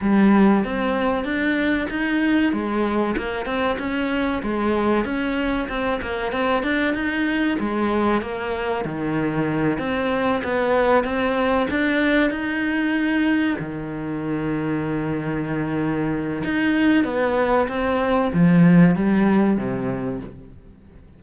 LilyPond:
\new Staff \with { instrumentName = "cello" } { \time 4/4 \tempo 4 = 95 g4 c'4 d'4 dis'4 | gis4 ais8 c'8 cis'4 gis4 | cis'4 c'8 ais8 c'8 d'8 dis'4 | gis4 ais4 dis4. c'8~ |
c'8 b4 c'4 d'4 dis'8~ | dis'4. dis2~ dis8~ | dis2 dis'4 b4 | c'4 f4 g4 c4 | }